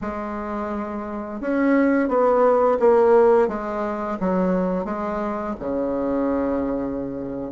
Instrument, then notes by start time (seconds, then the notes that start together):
bassoon
0.01 G#3
1.40 C#4
2.08 B3
2.79 A#3
3.48 G#3
4.20 F#3
4.85 G#3
5.59 C#3